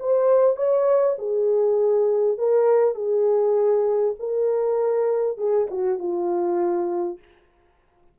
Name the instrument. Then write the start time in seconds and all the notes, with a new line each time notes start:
horn
0.00 C5
0.57 C#5
1.19 G#4
2.39 A#4
2.95 G#4
4.19 A#4
5.38 G#4
5.71 F#4
5.99 F4